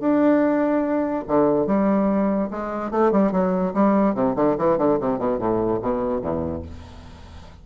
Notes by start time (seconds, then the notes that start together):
0.00 D4
1.27 D3
1.66 G3
2.50 G#3
2.91 A3
3.12 G3
3.32 F#3
3.74 G3
4.15 C3
4.36 D3
4.58 E3
4.78 D3
5.00 C3
5.18 B2
5.38 A2
5.82 B2
6.21 E2